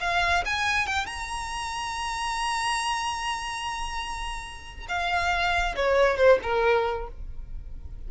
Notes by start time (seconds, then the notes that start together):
0.00 F5
0.45 G#5
0.86 G5
1.06 A#5
4.88 F5
5.76 C#5
6.17 C5
6.42 A#4